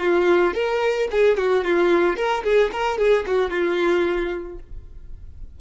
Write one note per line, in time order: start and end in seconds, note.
0.00 0.54 F4
0.54 1.08 A#4
1.11 1.37 G#4
1.37 1.64 F#4
1.64 2.16 F4
2.16 2.43 A#4
2.44 2.71 G#4
2.72 2.98 A#4
2.98 3.25 G#4
3.27 3.50 F#4
3.50 4.58 F4